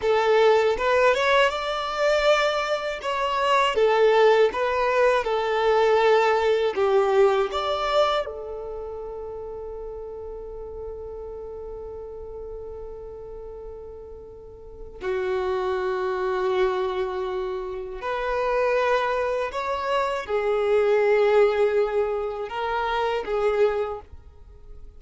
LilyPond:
\new Staff \with { instrumentName = "violin" } { \time 4/4 \tempo 4 = 80 a'4 b'8 cis''8 d''2 | cis''4 a'4 b'4 a'4~ | a'4 g'4 d''4 a'4~ | a'1~ |
a'1 | fis'1 | b'2 cis''4 gis'4~ | gis'2 ais'4 gis'4 | }